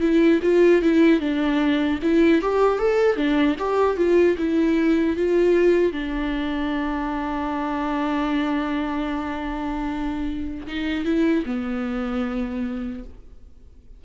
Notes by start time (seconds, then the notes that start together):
0.00 E4
0.42 F4
0.82 E4
1.20 D4
2.02 E4
2.42 G4
2.78 A4
3.16 D4
3.58 G4
3.97 F4
4.37 E4
5.16 F4
5.92 D4
10.67 D#4
11.05 E4
11.45 B3